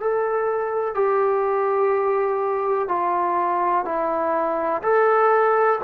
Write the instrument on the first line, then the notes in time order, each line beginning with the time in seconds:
trombone
0.00 A4
0.95 G4
2.89 F4
3.85 E4
4.83 A4